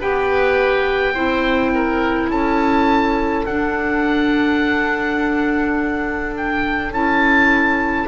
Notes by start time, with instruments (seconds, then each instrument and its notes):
0.00 double bass B3, clarinet G4, oboe B4 G5
1.13 double bass C4, clarinet E4, oboe C5
1.75 oboe A#4
2.29 double bass C#4, oboe A4 A5
3.45 double bass D4, clarinet D4, oboe F#5
6.37 oboe G5
6.91 double bass C#4, clarinet E4, oboe A5